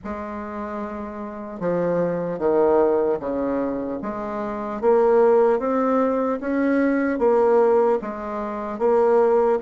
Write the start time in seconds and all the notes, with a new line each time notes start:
0.04 G#3
1.60 F3
2.38 D#3
3.19 C#3
4.01 G#3
4.81 A#3
5.59 C4
6.40 C#4
7.19 A#3
8.01 G#3
8.79 A#3